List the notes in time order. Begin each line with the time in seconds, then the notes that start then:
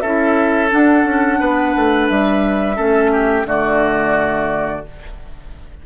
0.00 C#4 E4 A4 E5
0.69 D4 F#5
1.04 C#4
1.39 B3 B4
1.76 A3
2.08 G3 E5
2.75 A3 C#4 A4
3.12 G4
3.44 D3 A3 F#4 D5